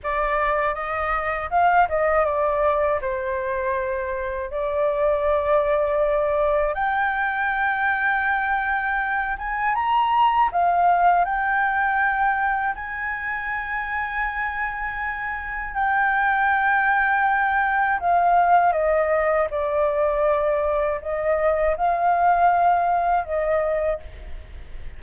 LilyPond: \new Staff \with { instrumentName = "flute" } { \time 4/4 \tempo 4 = 80 d''4 dis''4 f''8 dis''8 d''4 | c''2 d''2~ | d''4 g''2.~ | g''8 gis''8 ais''4 f''4 g''4~ |
g''4 gis''2.~ | gis''4 g''2. | f''4 dis''4 d''2 | dis''4 f''2 dis''4 | }